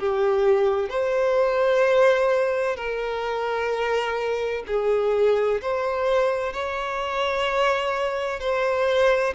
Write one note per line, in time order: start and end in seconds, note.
0.00 0.90 G4
0.90 2.77 C5
2.77 4.64 A#4
4.67 5.61 G#4
5.62 6.53 C5
6.53 8.40 C#5
8.40 9.34 C5